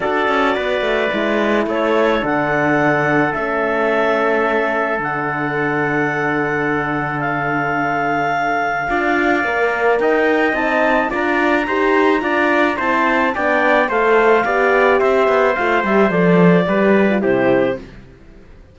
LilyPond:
<<
  \new Staff \with { instrumentName = "clarinet" } { \time 4/4 \tempo 4 = 108 d''2. cis''4 | fis''2 e''2~ | e''4 fis''2.~ | fis''4 f''2.~ |
f''2 g''4 a''4 | ais''2. a''4 | g''4 f''2 e''4 | f''8 e''8 d''2 c''4 | }
  \new Staff \with { instrumentName = "trumpet" } { \time 4/4 a'4 b'2 a'4~ | a'1~ | a'1~ | a'1 |
d''2 dis''2 | d''4 c''4 d''4 c''4 | d''4 c''4 d''4 c''4~ | c''2 b'4 g'4 | }
  \new Staff \with { instrumentName = "horn" } { \time 4/4 fis'2 e'2 | d'2 cis'2~ | cis'4 d'2.~ | d'1 |
f'4 ais'2 dis'4 | f'4 g'4 f'4 e'4 | d'4 a'4 g'2 | f'8 g'8 a'4 g'8. f'16 e'4 | }
  \new Staff \with { instrumentName = "cello" } { \time 4/4 d'8 cis'8 b8 a8 gis4 a4 | d2 a2~ | a4 d2.~ | d1 |
d'4 ais4 dis'4 c'4 | d'4 dis'4 d'4 c'4 | b4 a4 b4 c'8 b8 | a8 g8 f4 g4 c4 | }
>>